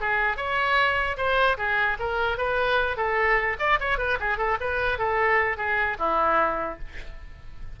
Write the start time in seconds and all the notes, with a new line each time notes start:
0.00 G#4
0.36 C#5
1.17 C5
1.57 G#4
1.99 A#4
2.37 B4
2.97 A4
3.59 D5
3.79 C#5
3.98 B4
4.20 G#4
4.37 A4
4.60 B4
4.98 A4
5.57 G#4
5.99 E4